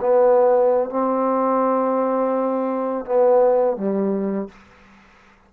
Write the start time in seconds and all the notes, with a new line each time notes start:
0.00 B3
0.89 C4
3.05 B3
3.76 G3